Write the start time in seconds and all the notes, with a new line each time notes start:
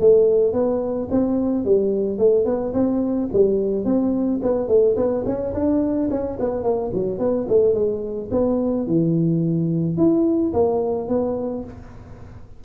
0.00 A3
0.53 B3
1.11 C4
1.65 G3
2.19 A3
2.45 B3
2.74 C4
3.33 G3
3.85 C4
4.43 B3
4.68 A3
4.97 B3
5.26 C#4
5.54 D4
6.11 C#4
6.40 B3
6.63 A#3
6.93 F#3
7.19 B3
7.49 A3
7.74 G#3
8.31 B3
8.87 E3
9.97 E4
10.53 A#3
11.09 B3